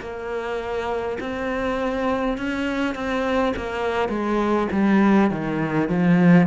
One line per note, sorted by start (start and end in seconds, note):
0.00 1.18 A#3
1.20 2.37 C4
2.37 2.95 C#4
2.95 3.53 C4
3.56 4.09 A#3
4.09 4.67 G#3
4.72 5.30 G3
5.30 5.88 D#3
5.88 6.47 F3